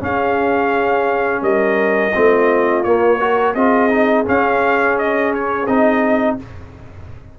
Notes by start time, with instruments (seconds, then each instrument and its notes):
0.00 trombone C#4, tuba C#4, horn G#4, trumpet F5
1.42 tuba G3, horn A#4, trumpet D#5
2.14 tuba A3, trombone C4, horn F4
2.84 tuba A#3, trombone A#3, trumpet C#5
3.20 trombone F#4, horn A#4
3.55 tuba C4, trombone F4, horn G#4, trumpet D#5
3.90 trombone D#4
4.25 trombone C#4, tuba C#4, trumpet F5
4.98 trumpet D#5
5.34 trumpet C#5
5.67 tuba C4, trombone D#4, trumpet D#5